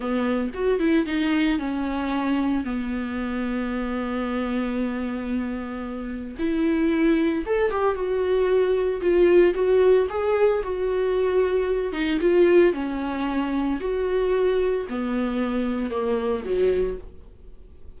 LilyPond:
\new Staff \with { instrumentName = "viola" } { \time 4/4 \tempo 4 = 113 b4 fis'8 e'8 dis'4 cis'4~ | cis'4 b2.~ | b1 | e'2 a'8 g'8 fis'4~ |
fis'4 f'4 fis'4 gis'4 | fis'2~ fis'8 dis'8 f'4 | cis'2 fis'2 | b2 ais4 fis4 | }